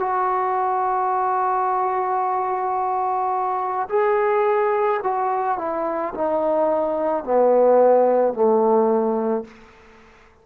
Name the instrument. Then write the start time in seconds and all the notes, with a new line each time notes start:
trombone
0.00 F#4
3.90 G#4
5.04 F#4
5.59 E4
6.15 D#4
7.25 B3
8.34 A3